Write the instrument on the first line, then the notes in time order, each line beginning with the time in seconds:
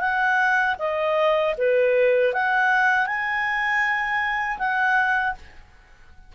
clarinet
0.00 F#5
0.79 D#5
1.58 B4
2.33 F#5
3.07 G#5
4.59 F#5